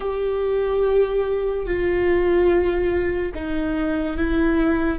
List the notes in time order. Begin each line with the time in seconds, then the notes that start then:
0.00 G4
1.66 F4
3.34 D#4
4.17 E4